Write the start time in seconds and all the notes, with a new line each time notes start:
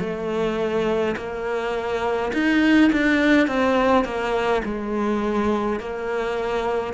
0.00 A3
1.17 A#3
2.33 D#4
2.93 D4
3.48 C4
4.05 A#3
4.65 G#3
5.80 A#3